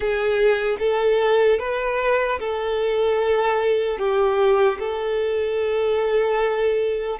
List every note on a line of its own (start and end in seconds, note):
0.00 0.77 G#4
0.79 1.59 A4
1.59 2.39 B4
2.39 3.98 A4
3.98 4.78 G4
4.79 7.19 A4